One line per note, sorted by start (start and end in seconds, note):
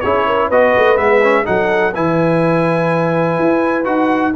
0.00 0.50 C#4
0.00 0.52 E4
0.00 0.26 G#4
0.00 0.48 C#5
0.26 0.47 A#4
0.47 0.74 B3
0.47 0.96 F#4
0.47 1.43 B4
0.47 0.97 D#5
0.77 0.97 A3
0.96 1.45 G#3
0.96 1.20 B3
0.96 1.45 E5
1.23 1.45 C#4
1.45 1.95 F#3
1.45 1.93 D#4
1.45 1.94 A4
1.45 1.94 F#5
1.94 3.39 E3
1.94 3.84 E4
1.94 4.34 B4
1.94 3.84 G#5
3.39 3.86 E4
3.84 4.34 D#4
3.84 4.32 F#4
3.84 4.32 F#5